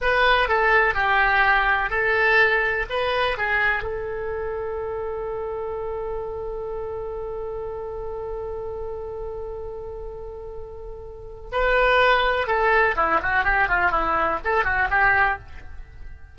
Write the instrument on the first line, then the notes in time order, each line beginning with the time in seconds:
oboe
0.01 B4
0.48 A4
0.94 G4
1.89 A4
2.89 B4
3.37 G#4
3.82 A4
11.51 B4
12.47 A4
12.96 E4
13.22 F#4
13.44 G4
13.68 F4
13.91 E4
14.44 A4
14.64 F#4
14.90 G4